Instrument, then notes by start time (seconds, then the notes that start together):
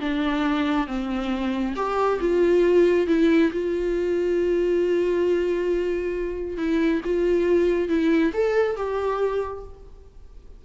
viola
0.00 D4
0.87 C4
1.75 G4
2.20 F4
3.07 E4
3.52 F4
6.57 E4
7.04 F4
7.88 E4
8.33 A4
8.76 G4